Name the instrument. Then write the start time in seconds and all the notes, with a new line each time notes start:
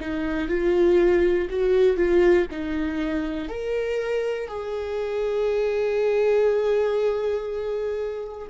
viola
0.00 D#4
0.48 F4
1.50 F#4
1.96 F4
2.51 D#4
3.49 A#4
4.47 G#4